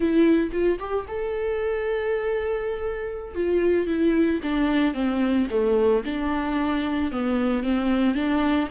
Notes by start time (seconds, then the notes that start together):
0.00 E4
0.52 F4
0.79 G4
1.07 A4
3.34 F4
3.86 E4
4.42 D4
4.94 C4
5.50 A3
6.05 D4
7.11 B3
7.63 C4
8.14 D4